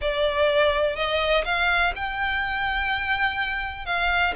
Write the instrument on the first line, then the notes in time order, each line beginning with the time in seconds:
violin
0.01 D5
0.95 D#5
1.44 F5
1.95 G5
3.85 F5